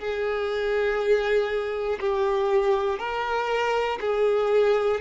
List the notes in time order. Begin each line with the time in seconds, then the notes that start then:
0.00 G#4
2.01 G4
3.00 A#4
4.01 G#4